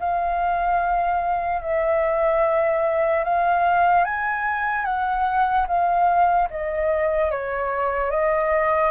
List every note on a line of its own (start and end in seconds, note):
0.00 1.62 F5
1.62 3.24 E5
3.25 4.05 F5
4.05 4.85 G#5
4.85 5.66 F#5
5.68 6.49 F5
6.50 7.31 D#5
7.31 8.11 C#5
8.11 8.92 D#5